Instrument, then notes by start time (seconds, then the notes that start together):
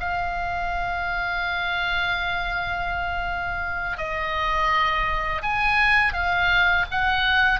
oboe
0.00 F5
3.98 D#5
5.42 G#5
6.13 F5
6.91 F#5